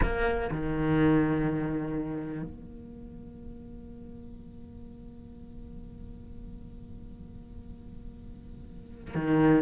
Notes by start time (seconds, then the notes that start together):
0.02 A#3
0.51 D#3
2.42 A#3
9.14 D#3